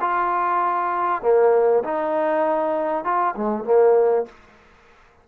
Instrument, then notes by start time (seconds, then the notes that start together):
trombone
0.00 F4
1.21 A#3
1.84 D#4
3.04 F4
3.35 G#3
3.64 A#3